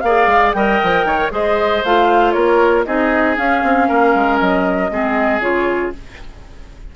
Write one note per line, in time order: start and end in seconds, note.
0.00 0.26 A#3
0.00 0.55 G#4
0.00 0.56 D5
0.00 0.51 F5
0.26 0.52 G#3
0.53 0.80 G3
0.53 1.31 A#4
0.53 1.06 D#5
0.53 1.30 G5
0.83 1.04 F3
1.04 1.30 D#3
1.04 1.32 C#5
1.31 1.82 G#3
1.31 1.82 G#4
1.31 2.34 C5
1.31 1.84 D#5
1.84 2.35 A3
1.84 2.86 F4
1.84 2.31 F5
2.31 2.86 A#3
2.31 2.85 A#4
2.31 2.83 C#5
2.85 3.38 C4
2.85 3.36 D#4
2.85 3.88 G#4
2.85 3.36 D#5
3.36 4.90 C#4
3.36 3.63 C#4
3.36 4.39 F5
3.63 3.89 C4
3.88 4.14 A#3
3.88 4.90 A#4
4.14 4.40 G#3
4.39 4.90 F#3
4.39 5.41 D#5
4.90 5.40 G#3
4.90 5.41 C4
4.90 5.95 G#4
5.40 5.91 C#3
5.40 5.92 F4
5.40 5.92 C#5